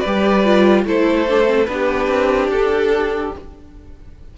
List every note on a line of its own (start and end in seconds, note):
0.00 0.85 G3
0.00 0.45 G4
0.00 0.82 B4
0.00 0.82 D5
0.45 0.86 F4
0.85 1.67 A3
0.85 1.27 E4
0.85 1.70 A4
0.85 1.65 C5
1.28 1.45 D4
1.45 1.65 C4
1.65 2.07 B3
1.65 3.32 D4
1.65 2.48 B4
1.73 3.37 G4
2.07 2.48 C4
2.48 3.31 D4
2.48 3.34 A4